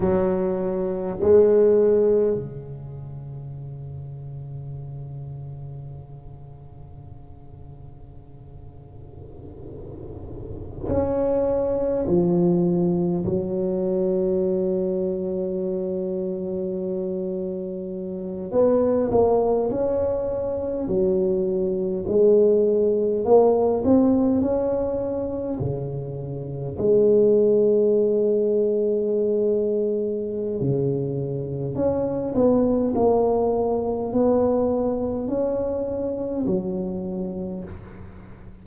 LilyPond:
\new Staff \with { instrumentName = "tuba" } { \time 4/4 \tempo 4 = 51 fis4 gis4 cis2~ | cis1~ | cis4~ cis16 cis'4 f4 fis8.~ | fis2.~ fis8. b16~ |
b16 ais8 cis'4 fis4 gis4 ais16~ | ais16 c'8 cis'4 cis4 gis4~ gis16~ | gis2 cis4 cis'8 b8 | ais4 b4 cis'4 fis4 | }